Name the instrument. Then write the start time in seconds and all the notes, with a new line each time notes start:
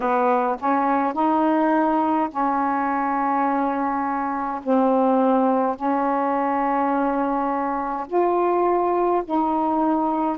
saxophone
0.00 B3
0.59 C#4
1.13 D#4
2.30 C#4
4.63 C4
5.76 C#4
8.07 F4
9.25 D#4